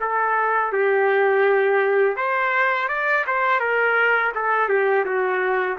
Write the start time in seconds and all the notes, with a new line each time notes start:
0.00 A4
0.72 G4
2.16 C5
2.88 D5
3.26 C5
3.59 A#4
4.34 A4
4.68 G4
5.05 F#4